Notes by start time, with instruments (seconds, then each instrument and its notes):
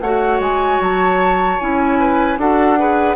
0.00 bassoon A3, clarinet F#4, oboe C#5, flute F#5
0.39 bassoon G#3, flute G#5
0.80 bassoon F#3, flute A5
1.59 bassoon C#4, clarinet E4, flute G#5
1.99 oboe B4
2.37 bassoon D4, clarinet F#4, oboe A4, flute F#5
2.78 clarinet G#4, oboe B4